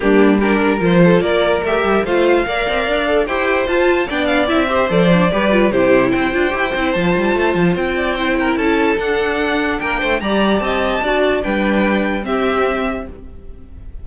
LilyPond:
<<
  \new Staff \with { instrumentName = "violin" } { \time 4/4 \tempo 4 = 147 g'4 ais'4 c''4 d''4 | e''4 f''2. | g''4 a''4 g''8 f''8 e''4 | d''2 c''4 g''4~ |
g''4 a''2 g''4~ | g''4 a''4 fis''2 | g''4 ais''4 a''2 | g''2 e''2 | }
  \new Staff \with { instrumentName = "violin" } { \time 4/4 d'4 g'8 ais'4 a'8 ais'4~ | ais'4 c''4 d''2 | c''2 d''4. c''8~ | c''4 b'4 g'4 c''4~ |
c''2.~ c''8 d''8 | c''8 ais'8 a'2. | ais'8 c''8 d''4 dis''4 d''4 | b'2 g'2 | }
  \new Staff \with { instrumentName = "viola" } { \time 4/4 ais4 d'4 f'2 | g'4 f'4 ais'4. a'8 | g'4 f'4 d'4 e'8 g'8 | a'8 d'8 g'8 f'8 e'4. f'8 |
g'8 e'8 f'2. | e'2 d'2~ | d'4 g'2 fis'4 | d'2 c'2 | }
  \new Staff \with { instrumentName = "cello" } { \time 4/4 g2 f4 ais4 | a8 g8 a4 ais8 c'8 d'4 | e'4 f'4 b4 c'4 | f4 g4 c4 c'8 d'8 |
e'8 c'8 f8 g8 a8 f8 c'4~ | c'4 cis'4 d'2 | ais8 a8 g4 c'4 d'4 | g2 c'2 | }
>>